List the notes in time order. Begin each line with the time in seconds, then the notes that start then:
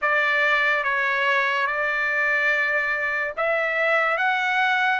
0.02 D5
0.83 C#5
1.67 D5
3.36 E5
4.17 F#5